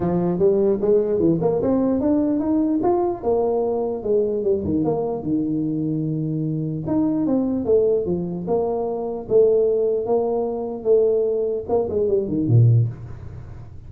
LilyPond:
\new Staff \with { instrumentName = "tuba" } { \time 4/4 \tempo 4 = 149 f4 g4 gis4 e8 ais8 | c'4 d'4 dis'4 f'4 | ais2 gis4 g8 dis8 | ais4 dis2.~ |
dis4 dis'4 c'4 a4 | f4 ais2 a4~ | a4 ais2 a4~ | a4 ais8 gis8 g8 dis8 ais,4 | }